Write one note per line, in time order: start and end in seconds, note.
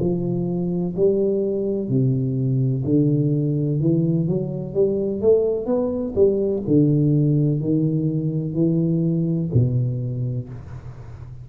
0.00 0.95 F3
0.96 1.89 G3
1.89 2.84 C3
2.85 3.80 D3
3.81 4.28 E3
4.28 4.74 F#3
4.74 5.22 G3
5.22 5.66 A3
5.66 6.14 B3
6.16 6.63 G3
6.68 7.61 D3
7.61 8.55 D#3
8.55 9.50 E3
9.54 10.49 B2